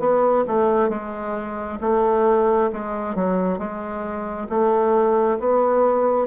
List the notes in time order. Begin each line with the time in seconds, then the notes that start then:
0.00 B3
0.48 A3
0.90 G#3
1.81 A3
2.73 G#3
3.15 F#3
3.59 G#3
4.50 A3
5.39 B3